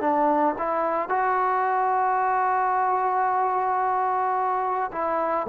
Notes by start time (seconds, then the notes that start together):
0.00 D4
0.58 E4
1.09 F#4
4.92 E4